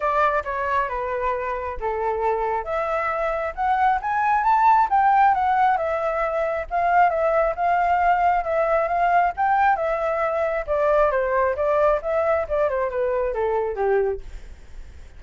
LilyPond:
\new Staff \with { instrumentName = "flute" } { \time 4/4 \tempo 4 = 135 d''4 cis''4 b'2 | a'2 e''2 | fis''4 gis''4 a''4 g''4 | fis''4 e''2 f''4 |
e''4 f''2 e''4 | f''4 g''4 e''2 | d''4 c''4 d''4 e''4 | d''8 c''8 b'4 a'4 g'4 | }